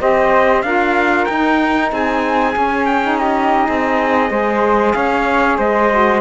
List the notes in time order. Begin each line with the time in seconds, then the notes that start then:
0.00 C4 G4 C5 D#5
0.62 D4 F4 A#4 F5
1.25 D#4 G5
1.92 C4 G#4 G#5
2.54 C#4
2.86 G5
3.03 D#4
3.19 G4 D#5
3.66 C4 G#4
4.30 G#3 G#4 C5
4.94 C#4 C#5 F5
5.58 G#3 C5 D#5
5.92 F#4